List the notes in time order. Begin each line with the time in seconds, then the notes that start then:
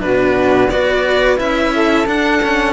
0.00 B2 D4 F#4 B4
0.69 B3 F#4 B4 D5
1.37 C#4 E4 E5
1.75 A4
2.07 D4 F#5
2.43 C#4